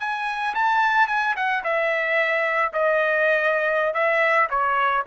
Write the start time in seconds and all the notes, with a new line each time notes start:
0.00 G#5
0.55 A5
1.08 G#5
1.37 F#5
1.64 E5
2.73 D#5
3.94 E5
4.50 C#5